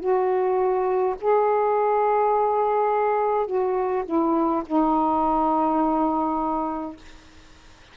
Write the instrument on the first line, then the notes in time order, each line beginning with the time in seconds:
saxophone
0.00 F#4
1.21 G#4
3.47 F#4
4.05 E4
4.66 D#4